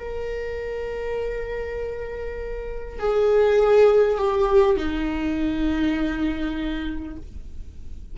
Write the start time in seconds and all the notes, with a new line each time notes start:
0.00 A#4
2.99 G#4
4.19 G4
4.77 D#4